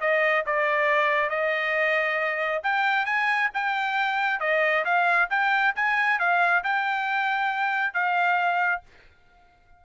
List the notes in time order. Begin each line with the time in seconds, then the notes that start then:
0.00 D#5
0.46 D5
1.29 D#5
2.63 G5
3.05 G#5
3.54 G5
4.40 D#5
4.84 F5
5.30 G5
5.75 G#5
6.19 F5
6.63 G5
7.93 F5